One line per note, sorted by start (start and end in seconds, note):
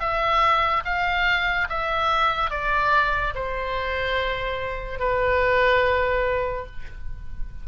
0.00 0.83 E5
0.84 1.68 F5
1.69 2.50 E5
2.50 3.34 D5
3.34 4.99 C5
4.99 6.66 B4